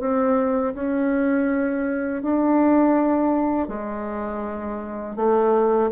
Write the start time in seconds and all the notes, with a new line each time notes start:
0.00 C4
0.74 C#4
2.22 D4
3.68 G#3
5.16 A3